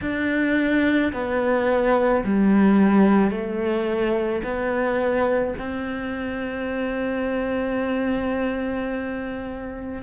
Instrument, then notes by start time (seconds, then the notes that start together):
cello
0.01 D4
1.13 B3
2.24 G3
3.30 A3
4.43 B3
5.58 C4